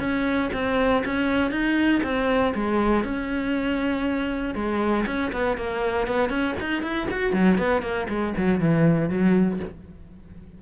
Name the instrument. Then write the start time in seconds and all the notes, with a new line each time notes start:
cello
0.00 C#4
0.54 C4
1.06 C#4
1.52 D#4
2.04 C4
2.55 G#3
3.04 C#4
4.55 G#3
5.07 C#4
5.33 B3
5.58 A#3
6.07 B3
6.30 C#4
6.60 D#4
6.83 E4
7.11 F#4
7.33 F#3
7.59 B3
7.82 A#3
8.09 G#3
8.37 F#3
8.60 E3
9.10 F#3